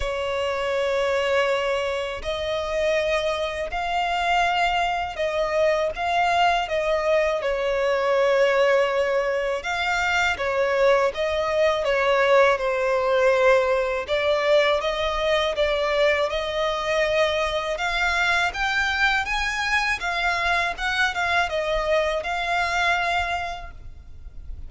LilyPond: \new Staff \with { instrumentName = "violin" } { \time 4/4 \tempo 4 = 81 cis''2. dis''4~ | dis''4 f''2 dis''4 | f''4 dis''4 cis''2~ | cis''4 f''4 cis''4 dis''4 |
cis''4 c''2 d''4 | dis''4 d''4 dis''2 | f''4 g''4 gis''4 f''4 | fis''8 f''8 dis''4 f''2 | }